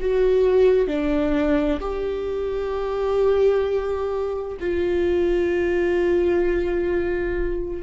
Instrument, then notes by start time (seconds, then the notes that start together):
viola
0.00 F#4
0.87 D4
1.80 G4
4.60 F4